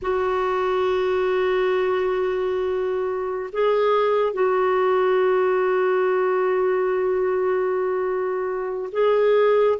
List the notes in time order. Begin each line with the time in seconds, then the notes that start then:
0.02 F#4
3.52 G#4
4.33 F#4
8.91 G#4